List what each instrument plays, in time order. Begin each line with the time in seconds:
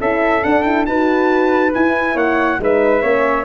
0.00 tuba C#4, horn E4, flute A4, trumpet E5
0.43 horn D4, tuba D4, trumpet F#5
0.63 horn E4, trumpet G5
0.86 tuba D#4, horn F#4, flute B4, trumpet A5
1.74 horn E4, tuba E4, trumpet G#5
2.15 tuba A#3, flute C#5, trumpet F#5
2.59 tuba G#3, horn D#4, flute B4, trumpet E5
3.02 tuba A#3, horn C#4, flute C#5